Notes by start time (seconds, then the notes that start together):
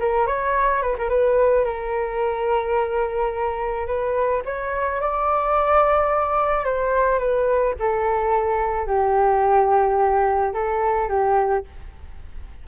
0.00 A#4
0.27 C#5
0.82 B4
0.98 A#4
1.10 B4
1.65 A#4
3.87 B4
4.46 C#5
5.02 D5
6.65 C5
7.19 B4
7.80 A4
8.87 G4
10.54 A4
11.09 G4